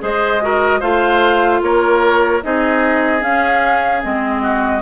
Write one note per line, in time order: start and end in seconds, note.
0.00 0.82 G#3
0.00 0.40 G#4
0.00 0.43 C5
0.00 0.81 D#5
0.41 0.81 F#4
0.41 0.80 A#4
0.80 1.62 A3
0.80 2.42 F4
0.80 1.60 C5
0.80 1.61 F5
1.62 2.42 A#3
1.62 2.44 A#4
1.62 2.43 C#5
2.43 3.22 C4
2.43 3.21 D#4
2.43 4.42 G#4
2.43 3.23 D#5
3.21 4.01 C#4
3.21 4.02 C#4
3.21 4.03 F5
4.03 4.82 G#3
4.03 4.82 C4
4.03 4.82 D#5
4.42 4.82 F#4